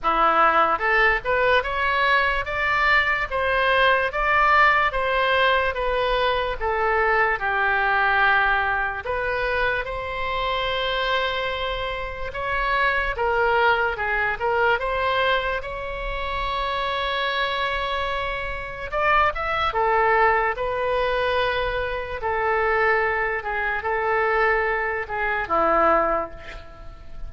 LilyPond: \new Staff \with { instrumentName = "oboe" } { \time 4/4 \tempo 4 = 73 e'4 a'8 b'8 cis''4 d''4 | c''4 d''4 c''4 b'4 | a'4 g'2 b'4 | c''2. cis''4 |
ais'4 gis'8 ais'8 c''4 cis''4~ | cis''2. d''8 e''8 | a'4 b'2 a'4~ | a'8 gis'8 a'4. gis'8 e'4 | }